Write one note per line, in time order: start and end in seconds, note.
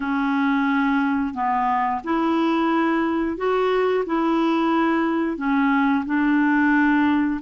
0.00 1.34 C#4
1.34 2.01 B3
2.04 3.37 E4
3.37 4.04 F#4
4.06 5.37 E4
5.37 6.04 C#4
6.05 7.40 D4